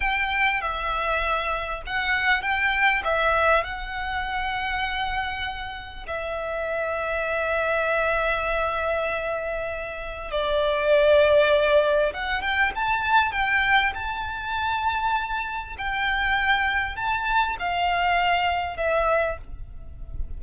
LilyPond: \new Staff \with { instrumentName = "violin" } { \time 4/4 \tempo 4 = 99 g''4 e''2 fis''4 | g''4 e''4 fis''2~ | fis''2 e''2~ | e''1~ |
e''4 d''2. | fis''8 g''8 a''4 g''4 a''4~ | a''2 g''2 | a''4 f''2 e''4 | }